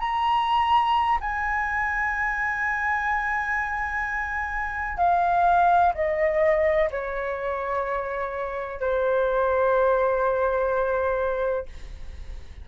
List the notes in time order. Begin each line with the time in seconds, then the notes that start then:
0.00 A#5
1.21 G#5
4.98 F5
5.95 D#5
6.91 C#5
8.81 C5